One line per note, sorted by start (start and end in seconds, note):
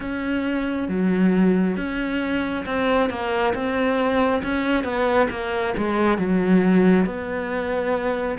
0.00 0.88 C#4
0.88 1.76 F#3
1.76 2.65 C#4
2.65 3.09 C4
3.09 3.53 A#3
3.54 4.42 C4
4.42 4.84 C#4
4.84 5.28 B3
5.29 5.74 A#3
5.77 6.18 G#3
6.18 7.05 F#3
7.05 8.38 B3